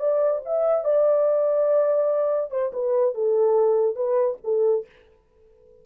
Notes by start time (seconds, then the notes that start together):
0.00 D5
0.46 E5
0.85 D5
2.51 C5
2.73 B4
3.15 A4
3.96 B4
4.44 A4